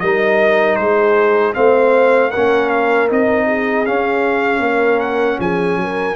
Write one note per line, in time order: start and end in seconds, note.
0.00 0.79 G3
0.00 1.54 D#4
0.00 0.77 A#4
0.00 0.76 D#5
0.76 1.56 G#3
0.76 1.54 G#4
0.76 1.53 C5
1.54 2.34 A3
1.54 2.31 C4
1.54 2.30 C5
1.54 2.31 F5
2.30 3.09 C#4
2.30 3.45 A#4
2.30 2.69 F#5
2.37 3.11 A#3
2.70 3.08 F5
3.09 3.87 C4
3.09 3.86 D#4
3.09 3.86 D#5
3.47 4.62 G#4
3.86 6.16 C#4
3.86 4.60 C#4
3.86 5.00 F5
4.60 5.37 A#3
4.60 5.39 A#4
5.00 5.38 F#5
5.39 5.76 F3
5.39 5.79 G#4
5.39 6.16 G#5
5.76 6.15 F#3
5.83 6.16 A#4